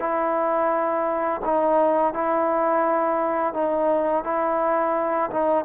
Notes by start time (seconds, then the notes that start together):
0.00 E4
1.45 D#4
2.14 E4
3.54 D#4
4.24 E4
5.31 D#4